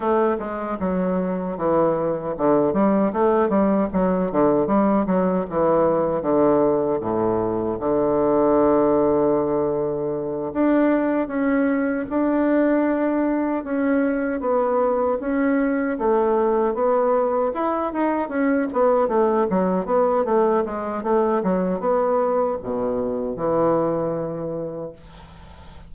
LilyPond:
\new Staff \with { instrumentName = "bassoon" } { \time 4/4 \tempo 4 = 77 a8 gis8 fis4 e4 d8 g8 | a8 g8 fis8 d8 g8 fis8 e4 | d4 a,4 d2~ | d4. d'4 cis'4 d'8~ |
d'4. cis'4 b4 cis'8~ | cis'8 a4 b4 e'8 dis'8 cis'8 | b8 a8 fis8 b8 a8 gis8 a8 fis8 | b4 b,4 e2 | }